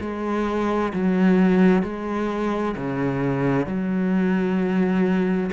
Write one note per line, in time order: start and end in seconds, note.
0.00 0.92 G#3
0.93 1.83 F#3
1.83 2.75 G#3
2.76 3.66 C#3
3.66 5.50 F#3